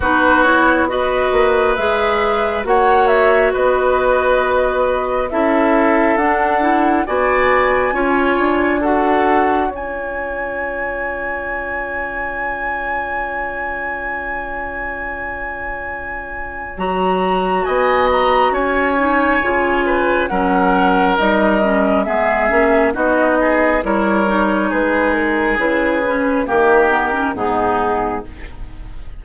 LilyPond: <<
  \new Staff \with { instrumentName = "flute" } { \time 4/4 \tempo 4 = 68 b'8 cis''8 dis''4 e''4 fis''8 e''8 | dis''2 e''4 fis''4 | gis''2 fis''4 gis''4~ | gis''1~ |
gis''2. ais''4 | gis''8 ais''8 gis''2 fis''4 | dis''4 e''4 dis''4 cis''4 | b'8 ais'8 b'4 ais'4 gis'4 | }
  \new Staff \with { instrumentName = "oboe" } { \time 4/4 fis'4 b'2 cis''4 | b'2 a'2 | d''4 cis''4 a'4 cis''4~ | cis''1~ |
cis''1 | dis''4 cis''4. b'8 ais'4~ | ais'4 gis'4 fis'8 gis'8 ais'4 | gis'2 g'4 dis'4 | }
  \new Staff \with { instrumentName = "clarinet" } { \time 4/4 dis'8 e'8 fis'4 gis'4 fis'4~ | fis'2 e'4 d'8 e'8 | fis'4 f'4 fis'4 f'4~ | f'1~ |
f'2. fis'4~ | fis'4. dis'8 f'4 cis'4 | dis'8 cis'8 b8 cis'8 dis'4 e'8 dis'8~ | dis'4 e'8 cis'8 ais8 b16 cis'16 b4 | }
  \new Staff \with { instrumentName = "bassoon" } { \time 4/4 b4. ais8 gis4 ais4 | b2 cis'4 d'4 | b4 cis'8 d'4. cis'4~ | cis'1~ |
cis'2. fis4 | b4 cis'4 cis4 fis4 | g4 gis8 ais8 b4 g4 | gis4 cis4 dis4 gis,4 | }
>>